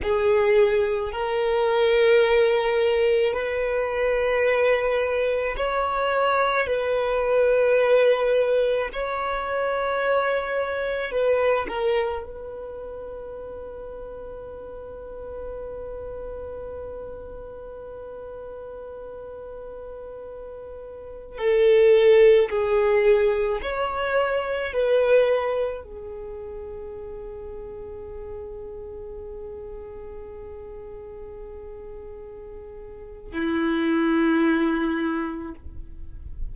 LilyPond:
\new Staff \with { instrumentName = "violin" } { \time 4/4 \tempo 4 = 54 gis'4 ais'2 b'4~ | b'4 cis''4 b'2 | cis''2 b'8 ais'8 b'4~ | b'1~ |
b'2.~ b'16 a'8.~ | a'16 gis'4 cis''4 b'4 gis'8.~ | gis'1~ | gis'2 e'2 | }